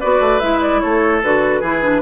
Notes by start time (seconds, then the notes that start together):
0.00 B3 F#4 B4 D5
0.20 A3
0.39 G#3 E4 E5
0.61 D5
0.80 A3 A4 C#5
1.23 D3 F#4 B4
1.60 E3 E4 G#4
1.82 D4